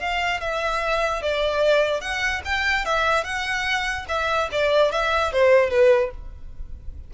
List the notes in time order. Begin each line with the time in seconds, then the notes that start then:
0.00 F5
0.41 E5
1.22 D5
2.01 F#5
2.45 G5
2.86 E5
3.24 F#5
4.09 E5
4.52 D5
4.92 E5
5.33 C5
5.71 B4